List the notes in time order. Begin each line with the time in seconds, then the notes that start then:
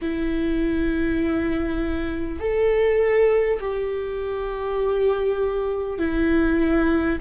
0.01 E4
2.39 A4
3.60 G4
5.98 E4